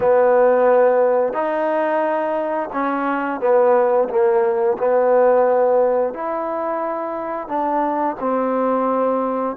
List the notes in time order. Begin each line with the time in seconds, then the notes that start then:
0.00 B3
1.33 D#4
2.72 C#4
3.40 B3
4.09 A#3
4.78 B3
6.13 E4
7.48 D4
8.20 C4